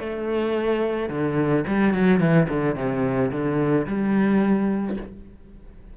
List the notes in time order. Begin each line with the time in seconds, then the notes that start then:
0.00 A3
1.10 D3
1.68 G3
1.94 F#3
2.21 E3
2.49 D3
2.76 C3
3.32 D3
3.87 G3